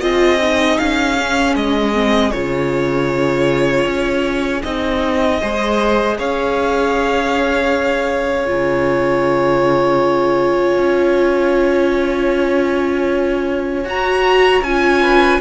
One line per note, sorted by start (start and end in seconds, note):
0.00 0.79 C4
0.00 0.38 F4
0.00 5.41 G#4
0.00 0.77 D#5
0.40 1.17 D#4
0.77 1.55 C#4
0.77 1.54 F5
1.18 1.93 C#4
1.55 2.32 G#3
1.55 2.31 D#5
1.93 2.32 C4
2.31 3.85 C#3
2.31 4.63 F4
2.31 4.62 C#5
3.85 4.62 C#4
4.62 5.41 C4
4.62 5.40 D#4
4.62 6.16 D#5
5.41 6.19 G#3
5.41 8.46 G#4
5.41 6.17 C5
6.18 8.48 C#4
6.18 15.01 C#5
6.18 8.49 F5
8.46 10.77 C#3
8.46 13.84 F4
8.46 13.87 G#5
10.77 13.85 C#4
13.85 14.62 F#4
13.85 14.63 A#5
14.63 15.40 C#4
14.63 15.40 F4
14.63 15.40 G#5
15.01 15.40 B4